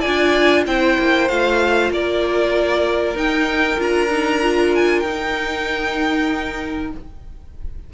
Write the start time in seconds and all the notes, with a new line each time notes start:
0.00 F4 D5 G#5
0.06 D4
0.66 C4 E4 C5 G5
0.98 A#3
1.28 A3 F4 F5
1.90 A#3 A#4 D5
3.15 D#4 G5
3.78 D4 F4 A#5
4.10 D#4
4.42 F4
4.75 G#5
5.00 D#4 G5